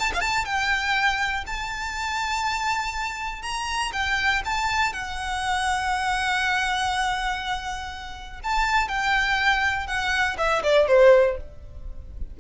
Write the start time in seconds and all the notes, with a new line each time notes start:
0.00 A5
0.14 F5
0.21 A5
0.45 G5
1.47 A5
3.43 A#5
3.93 G5
4.46 A5
4.94 F#5
8.44 A5
8.89 G5
9.87 F#5
10.38 E5
10.63 D5
10.88 C5